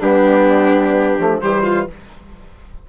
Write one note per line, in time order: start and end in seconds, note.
0.00 1.19 G3
0.00 1.20 B3
0.00 1.41 D4
0.00 1.42 G4
1.19 1.42 F3
1.19 1.42 A3
1.42 1.89 E3
1.42 1.88 G3
1.42 1.64 G4
1.42 1.88 C5
1.64 1.87 F4